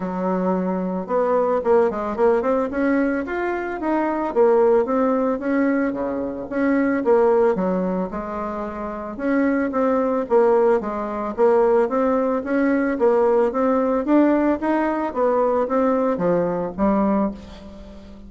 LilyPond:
\new Staff \with { instrumentName = "bassoon" } { \time 4/4 \tempo 4 = 111 fis2 b4 ais8 gis8 | ais8 c'8 cis'4 f'4 dis'4 | ais4 c'4 cis'4 cis4 | cis'4 ais4 fis4 gis4~ |
gis4 cis'4 c'4 ais4 | gis4 ais4 c'4 cis'4 | ais4 c'4 d'4 dis'4 | b4 c'4 f4 g4 | }